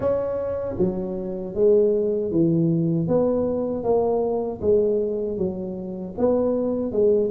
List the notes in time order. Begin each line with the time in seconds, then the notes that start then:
0.00 C#4
0.78 F#3
1.54 G#3
2.31 E3
3.07 B3
3.83 A#3
4.61 G#3
5.37 F#3
6.17 B3
6.92 G#3